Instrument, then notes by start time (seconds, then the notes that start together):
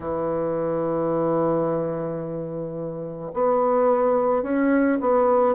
bassoon
0.00 E3
3.33 B3
4.42 C#4
5.00 B3